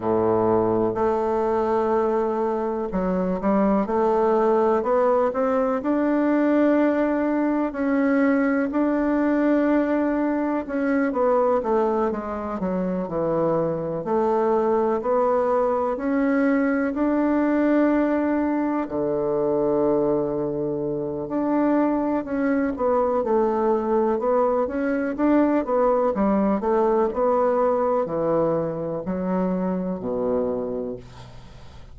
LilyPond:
\new Staff \with { instrumentName = "bassoon" } { \time 4/4 \tempo 4 = 62 a,4 a2 fis8 g8 | a4 b8 c'8 d'2 | cis'4 d'2 cis'8 b8 | a8 gis8 fis8 e4 a4 b8~ |
b8 cis'4 d'2 d8~ | d2 d'4 cis'8 b8 | a4 b8 cis'8 d'8 b8 g8 a8 | b4 e4 fis4 b,4 | }